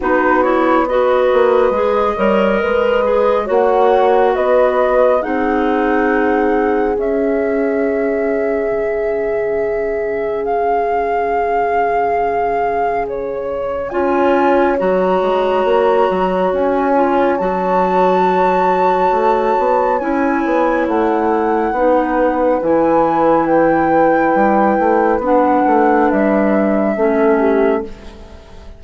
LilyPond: <<
  \new Staff \with { instrumentName = "flute" } { \time 4/4 \tempo 4 = 69 b'8 cis''8 dis''2. | fis''4 dis''4 fis''2 | e''1 | f''2. cis''4 |
gis''4 ais''2 gis''4 | a''2. gis''4 | fis''2 gis''4 g''4~ | g''4 fis''4 e''2 | }
  \new Staff \with { instrumentName = "horn" } { \time 4/4 fis'4 b'4. cis''8 b'4 | cis''4 b'4 gis'2~ | gis'1~ | gis'1 |
cis''1~ | cis''1~ | cis''4 b'2.~ | b'2. a'8 g'8 | }
  \new Staff \with { instrumentName = "clarinet" } { \time 4/4 dis'8 e'8 fis'4 gis'8 ais'4 gis'8 | fis'2 dis'2 | cis'1~ | cis'1 |
f'4 fis'2~ fis'8 f'8 | fis'2. e'4~ | e'4 dis'4 e'2~ | e'4 d'2 cis'4 | }
  \new Staff \with { instrumentName = "bassoon" } { \time 4/4 b4. ais8 gis8 g8 gis4 | ais4 b4 c'2 | cis'2 cis2~ | cis1 |
cis'4 fis8 gis8 ais8 fis8 cis'4 | fis2 a8 b8 cis'8 b8 | a4 b4 e2 | g8 a8 b8 a8 g4 a4 | }
>>